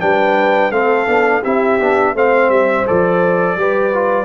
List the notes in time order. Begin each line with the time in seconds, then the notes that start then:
0.00 G3 D4 B4 G5
0.71 A3 C4 A4 F5
1.06 B3 D4
1.42 C4 E4 G4 E5
1.79 B3 D4
2.14 A3 C4 C5 F5
2.49 G3 E5
2.86 F3 A4 D5
3.56 G3 G4 B4
3.93 F4